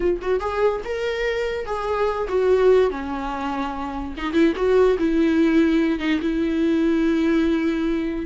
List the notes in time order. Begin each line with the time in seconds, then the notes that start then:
0.00 F4
0.21 F#4
0.40 G#4
0.84 A#4
1.65 G#4
2.28 F#4
2.90 C#4
4.17 D#4
4.32 E4
4.56 F#4
4.98 E4
5.99 D#4
6.21 E4